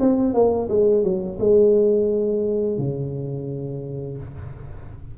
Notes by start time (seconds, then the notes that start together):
0.00 C4
0.34 A#3
0.69 G#3
1.03 F#3
1.40 G#3
2.78 C#3